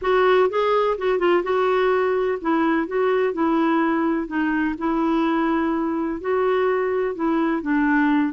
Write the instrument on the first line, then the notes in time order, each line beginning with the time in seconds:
clarinet
0.01 F#4
0.49 G#4
0.97 F#4
1.19 F4
1.43 F#4
2.41 E4
2.87 F#4
3.33 E4
4.27 D#4
4.77 E4
6.20 F#4
7.15 E4
7.61 D4